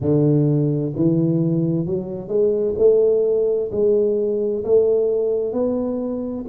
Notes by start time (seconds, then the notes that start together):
0.00 D3
0.95 E3
1.85 F#3
2.28 G#3
2.77 A3
3.71 G#3
4.64 A3
5.52 B3